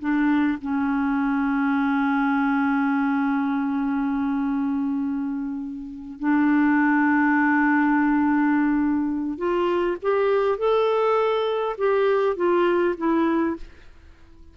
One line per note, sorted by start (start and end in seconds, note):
0.00 0.59 D4
0.62 6.20 C#4
6.20 9.38 D4
9.38 9.97 F4
10.03 10.59 G4
10.59 11.76 A4
11.78 12.37 G4
12.37 12.96 F4
12.98 13.57 E4